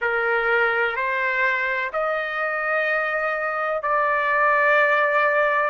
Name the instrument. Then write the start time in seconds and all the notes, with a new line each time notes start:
trumpet
0.01 A#4
0.95 C5
1.92 D#5
3.82 D5